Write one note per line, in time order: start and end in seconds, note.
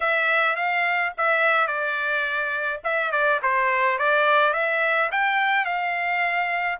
0.00 0.56 E5
0.56 1.12 F5
1.17 1.67 E5
1.67 2.80 D5
2.84 3.11 E5
3.11 3.40 D5
3.42 3.98 C5
3.98 4.53 D5
4.53 5.09 E5
5.11 5.65 G5
5.65 6.78 F5